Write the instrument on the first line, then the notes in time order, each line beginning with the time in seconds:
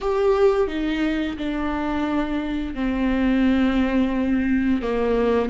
viola
0.00 G4
0.67 D#4
1.37 D4
2.75 C4
4.82 A#3